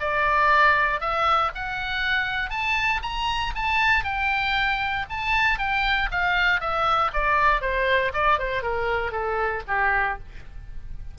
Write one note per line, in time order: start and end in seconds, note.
0.00 1.01 D5
1.01 1.51 E5
1.55 2.50 F#5
2.50 3.01 A5
3.02 3.53 A#5
3.55 4.04 A5
4.04 5.06 G5
5.10 5.58 A5
5.58 6.09 G5
6.11 6.61 F5
6.61 7.11 E5
7.13 7.61 D5
7.61 8.12 C5
8.14 8.39 D5
8.39 8.63 C5
8.63 9.12 A#4
9.12 9.62 A4
9.68 10.19 G4